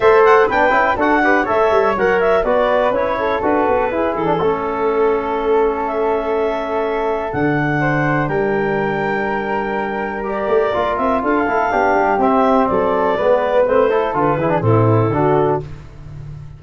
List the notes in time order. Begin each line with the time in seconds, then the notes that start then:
0.00 A3 A4 C5 E5
0.24 F#5
0.48 B3 D4 B4 G5
0.70 C#4 E4
0.96 D4 F#4 A4 F#5
1.23 G4 B4
1.42 A4 C#5 E5
1.49 A3
1.71 G3
1.96 F#3 A#4 F#5
2.19 E5
2.44 B3 F#4 B4 D5
2.91 C#4 E4 C#5
3.19 A4
3.42 D4 F#4 B4
3.67 B3
3.90 E4 G#4
4.14 E3 A4
4.24 D4
4.39 A3 C#4 A4
5.86 E5
7.31 D3 D4 F#5
7.80 C5
8.27 G3 A#4 G5
10.23 G4 D5
10.47 A3
10.73 A#3 F4
10.96 C4 E5
11.22 D4 A4 F5
11.46 A3 E4
11.70 B3 D4 G4
11.94 G3
12.18 C4 E5
12.67 F#3 A4 D5
13.16 G#3 B3 B4
13.65 A3 C4 C5
13.89 E4 A4
14.13 D3 F4 B4
14.37 E3 E4 G#4
14.49 D4
14.61 A2 C4 E4 A4
15.10 D3 D4 F#4